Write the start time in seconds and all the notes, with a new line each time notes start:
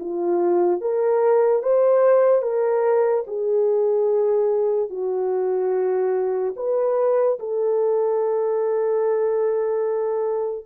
0.00 F4
0.81 A#4
1.63 C5
2.42 A#4
3.27 G#4
4.90 F#4
6.56 B4
7.40 A4